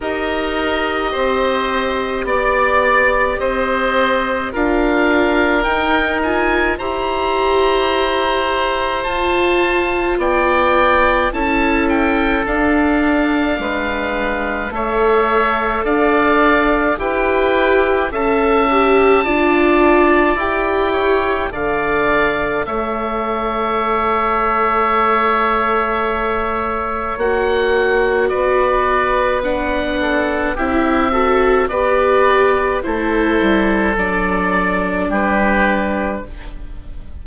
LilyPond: <<
  \new Staff \with { instrumentName = "oboe" } { \time 4/4 \tempo 4 = 53 dis''2 d''4 dis''4 | f''4 g''8 gis''8 ais''2 | a''4 g''4 a''8 g''8 f''4~ | f''4 e''4 f''4 g''4 |
a''2 g''4 f''4 | e''1 | fis''4 d''4 fis''4 e''4 | d''4 c''4 d''4 b'4 | }
  \new Staff \with { instrumentName = "oboe" } { \time 4/4 ais'4 c''4 d''4 c''4 | ais'2 c''2~ | c''4 d''4 a'2 | b'4 cis''4 d''4 b'4 |
e''4 d''4. cis''8 d''4 | cis''1~ | cis''4 b'4. a'8 g'8 a'8 | b'4 a'2 g'4 | }
  \new Staff \with { instrumentName = "viola" } { \time 4/4 g'1 | f'4 dis'8 f'8 g'2 | f'2 e'4 d'4~ | d'4 a'2 g'4 |
a'8 g'8 f'4 g'4 a'4~ | a'1 | fis'2 d'4 e'8 fis'8 | g'4 e'4 d'2 | }
  \new Staff \with { instrumentName = "bassoon" } { \time 4/4 dis'4 c'4 b4 c'4 | d'4 dis'4 e'2 | f'4 b4 cis'4 d'4 | gis4 a4 d'4 e'4 |
cis'4 d'4 e'4 d4 | a1 | ais4 b2 c'4 | b4 a8 g8 fis4 g4 | }
>>